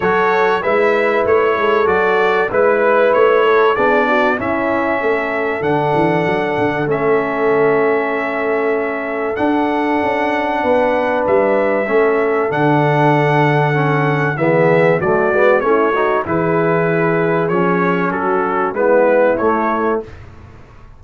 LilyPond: <<
  \new Staff \with { instrumentName = "trumpet" } { \time 4/4 \tempo 4 = 96 cis''4 e''4 cis''4 d''4 | b'4 cis''4 d''4 e''4~ | e''4 fis''2 e''4~ | e''2. fis''4~ |
fis''2 e''2 | fis''2. e''4 | d''4 cis''4 b'2 | cis''4 a'4 b'4 cis''4 | }
  \new Staff \with { instrumentName = "horn" } { \time 4/4 a'4 b'4. a'4. | b'4. a'8 gis'8 fis'8 e'4 | a'1~ | a'1~ |
a'4 b'2 a'4~ | a'2. gis'4 | fis'4 e'8 fis'8 gis'2~ | gis'4 fis'4 e'2 | }
  \new Staff \with { instrumentName = "trombone" } { \time 4/4 fis'4 e'2 fis'4 | e'2 d'4 cis'4~ | cis'4 d'2 cis'4~ | cis'2. d'4~ |
d'2. cis'4 | d'2 cis'4 b4 | a8 b8 cis'8 dis'8 e'2 | cis'2 b4 a4 | }
  \new Staff \with { instrumentName = "tuba" } { \time 4/4 fis4 gis4 a8 gis8 fis4 | gis4 a4 b4 cis'4 | a4 d8 e8 fis8 d8 a4~ | a2. d'4 |
cis'4 b4 g4 a4 | d2. e4 | fis8 gis8 a4 e2 | f4 fis4 gis4 a4 | }
>>